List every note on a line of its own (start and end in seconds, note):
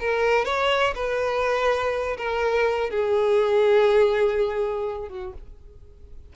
0.00 0.45 A#4
0.45 0.94 C#5
0.95 2.17 B4
2.17 2.90 A#4
2.90 5.09 G#4
5.09 5.33 F#4